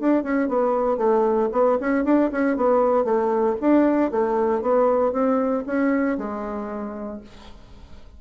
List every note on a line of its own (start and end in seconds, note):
0.00 0.24 D4
0.24 0.49 C#4
0.49 0.98 B3
0.98 1.50 A3
1.52 1.78 B3
1.81 2.05 C#4
2.05 2.31 D4
2.32 2.57 C#4
2.57 3.05 B3
3.05 3.56 A3
3.61 4.11 D4
4.11 4.62 A3
4.62 5.13 B3
5.13 5.64 C4
5.67 6.18 C#4
6.18 7.21 G#3